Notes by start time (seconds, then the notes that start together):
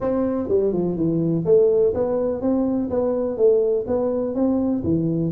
0.00 C4
0.48 G3
0.73 F3
0.96 E3
1.45 A3
1.94 B3
2.41 C4
2.89 B3
3.37 A3
3.87 B3
4.34 C4
4.83 E3